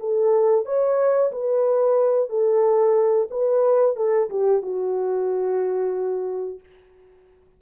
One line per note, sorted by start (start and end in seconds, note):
0.00 0.65 A4
0.65 1.31 C#5
1.32 2.30 B4
2.30 3.28 A4
3.31 3.97 B4
3.97 4.29 A4
4.30 4.62 G4
4.62 6.60 F#4